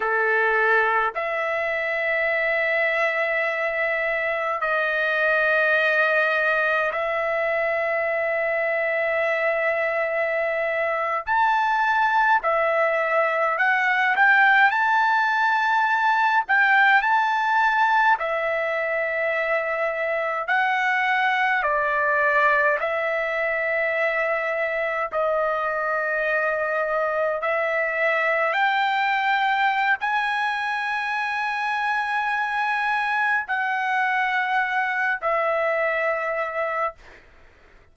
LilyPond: \new Staff \with { instrumentName = "trumpet" } { \time 4/4 \tempo 4 = 52 a'4 e''2. | dis''2 e''2~ | e''4.~ e''16 a''4 e''4 fis''16~ | fis''16 g''8 a''4. g''8 a''4 e''16~ |
e''4.~ e''16 fis''4 d''4 e''16~ | e''4.~ e''16 dis''2 e''16~ | e''8. g''4~ g''16 gis''2~ | gis''4 fis''4. e''4. | }